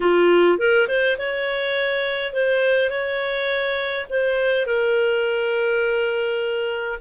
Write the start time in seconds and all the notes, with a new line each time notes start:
0.00 F4
0.58 A#4
0.87 C5
1.18 C#5
2.33 C5
2.89 C#5
4.09 C5
4.66 A#4